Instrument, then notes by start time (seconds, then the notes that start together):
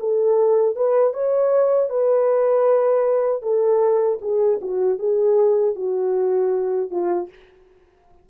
horn
0.00 A4
0.76 B4
1.14 C#5
1.90 B4
3.42 A4
4.21 G#4
4.62 F#4
4.99 G#4
5.76 F#4
6.91 F4